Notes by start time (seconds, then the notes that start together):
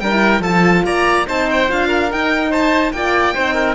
0.00 G3 D4 A#4 G5
0.11 E4
0.40 F3 F4 A4 A5
0.85 A#3 D5 A#5
1.26 C4 D#4 C5 A5
1.51 G5
1.68 D4 F4 F5
1.88 A#4
2.10 D#4 G5
2.50 C5 A5
2.92 A#3 F4 D5 G5
3.34 C4 D#4 C5
3.54 A#4